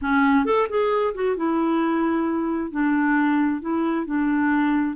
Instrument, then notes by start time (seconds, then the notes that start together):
clarinet
0.01 C#4
0.45 A4
0.69 G#4
1.14 F#4
1.36 E4
2.71 D4
3.61 E4
4.05 D4